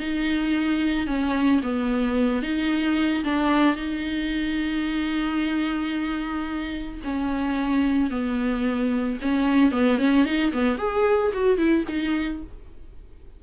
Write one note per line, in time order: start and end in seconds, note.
0.00 1.07 D#4
1.07 1.61 C#4
1.63 2.43 B3
2.43 3.24 D#4
3.24 3.76 D4
3.76 7.00 D#4
7.04 8.11 C#4
8.11 9.19 B3
9.22 9.72 C#4
9.72 9.99 B3
9.99 10.25 C#4
10.25 10.52 D#4
10.53 10.78 B3
10.78 11.32 G#4
11.34 11.57 F#4
11.57 11.85 E4
11.88 12.42 D#4